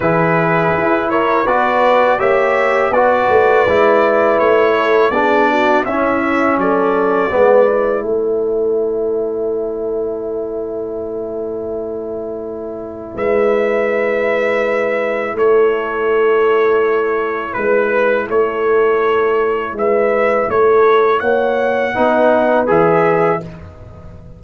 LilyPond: <<
  \new Staff \with { instrumentName = "trumpet" } { \time 4/4 \tempo 4 = 82 b'4. cis''8 d''4 e''4 | d''2 cis''4 d''4 | e''4 d''2 cis''4~ | cis''1~ |
cis''2 e''2~ | e''4 cis''2. | b'4 cis''2 e''4 | cis''4 fis''2 e''4 | }
  \new Staff \with { instrumentName = "horn" } { \time 4/4 gis'4. ais'8 b'4 cis''4 | b'2~ b'8 a'8 gis'8 fis'8 | e'4 a'4 b'4 a'4~ | a'1~ |
a'2 b'2~ | b'4 a'2. | b'4 a'2 b'4 | a'4 cis''4 b'2 | }
  \new Staff \with { instrumentName = "trombone" } { \time 4/4 e'2 fis'4 g'4 | fis'4 e'2 d'4 | cis'2 b8 e'4.~ | e'1~ |
e'1~ | e'1~ | e'1~ | e'2 dis'4 gis'4 | }
  \new Staff \with { instrumentName = "tuba" } { \time 4/4 e4 e'4 b4 ais4 | b8 a8 gis4 a4 b4 | cis'4 fis4 gis4 a4~ | a1~ |
a2 gis2~ | gis4 a2. | gis4 a2 gis4 | a4 ais4 b4 e4 | }
>>